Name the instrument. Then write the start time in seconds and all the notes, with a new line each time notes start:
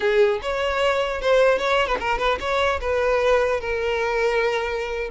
violin
0.00 G#4
0.42 C#5
1.21 C5
1.58 C#5
1.87 B4
2.00 A#4
2.18 B4
2.39 C#5
2.80 B4
3.60 A#4